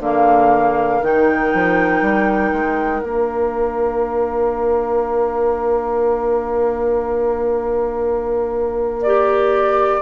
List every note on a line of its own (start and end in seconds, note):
0.00 1.00 D3
0.00 1.02 A#3
0.00 10.02 A#4
0.00 1.04 F5
1.02 1.52 D#3
1.02 3.02 D#4
1.02 3.04 G5
1.54 2.02 F3
2.02 2.52 G3
2.53 3.03 G#3
3.02 10.02 A#3
3.02 9.02 D4
3.02 9.03 F5
9.03 10.02 G4
9.03 10.02 D5